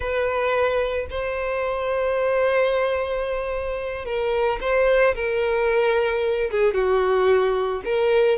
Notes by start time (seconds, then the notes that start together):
0.00 B4
1.10 C5
4.05 A#4
4.60 C5
5.15 A#4
6.50 G#4
6.73 F#4
7.84 A#4